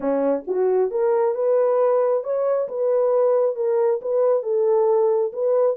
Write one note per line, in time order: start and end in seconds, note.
0.00 0.44 C#4
0.47 0.91 F#4
0.91 1.34 A#4
1.34 2.23 B4
2.23 2.68 C#5
2.68 3.55 B4
3.55 4.00 A#4
4.01 4.42 B4
4.42 5.31 A4
5.33 5.76 B4